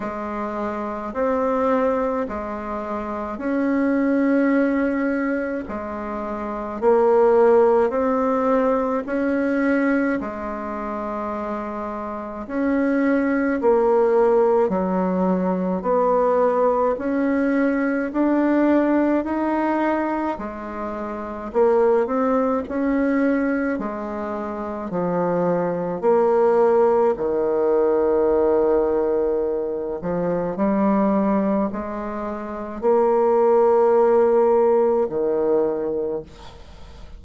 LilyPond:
\new Staff \with { instrumentName = "bassoon" } { \time 4/4 \tempo 4 = 53 gis4 c'4 gis4 cis'4~ | cis'4 gis4 ais4 c'4 | cis'4 gis2 cis'4 | ais4 fis4 b4 cis'4 |
d'4 dis'4 gis4 ais8 c'8 | cis'4 gis4 f4 ais4 | dis2~ dis8 f8 g4 | gis4 ais2 dis4 | }